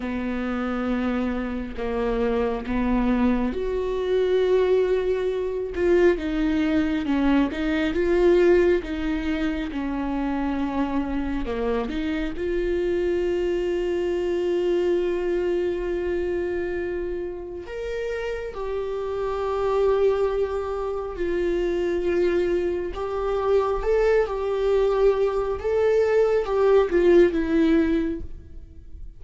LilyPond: \new Staff \with { instrumentName = "viola" } { \time 4/4 \tempo 4 = 68 b2 ais4 b4 | fis'2~ fis'8 f'8 dis'4 | cis'8 dis'8 f'4 dis'4 cis'4~ | cis'4 ais8 dis'8 f'2~ |
f'1 | ais'4 g'2. | f'2 g'4 a'8 g'8~ | g'4 a'4 g'8 f'8 e'4 | }